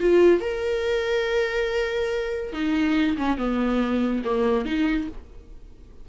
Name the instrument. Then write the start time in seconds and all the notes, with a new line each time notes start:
viola
0.00 F4
0.41 A#4
2.53 D#4
3.17 C#4
3.38 B3
4.25 A#3
4.65 D#4